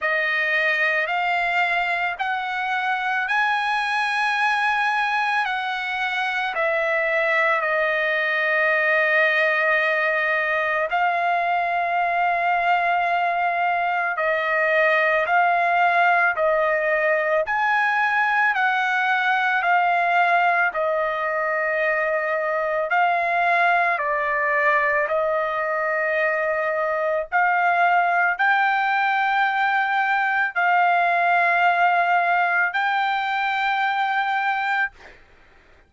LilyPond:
\new Staff \with { instrumentName = "trumpet" } { \time 4/4 \tempo 4 = 55 dis''4 f''4 fis''4 gis''4~ | gis''4 fis''4 e''4 dis''4~ | dis''2 f''2~ | f''4 dis''4 f''4 dis''4 |
gis''4 fis''4 f''4 dis''4~ | dis''4 f''4 d''4 dis''4~ | dis''4 f''4 g''2 | f''2 g''2 | }